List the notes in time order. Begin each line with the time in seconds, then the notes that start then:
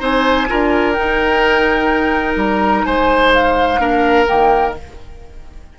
0.00 C4 D#4 C5 G#5
0.49 D4 F4 A#4
0.93 D#4 G5
2.36 G3 A#5
2.85 G#3 C5 G#5
3.34 F5
3.79 A#3 D4 A#4
4.27 D#3 A#3 G5